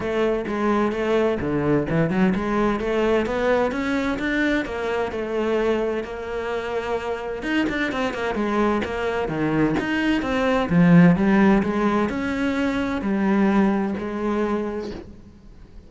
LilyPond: \new Staff \with { instrumentName = "cello" } { \time 4/4 \tempo 4 = 129 a4 gis4 a4 d4 | e8 fis8 gis4 a4 b4 | cis'4 d'4 ais4 a4~ | a4 ais2. |
dis'8 d'8 c'8 ais8 gis4 ais4 | dis4 dis'4 c'4 f4 | g4 gis4 cis'2 | g2 gis2 | }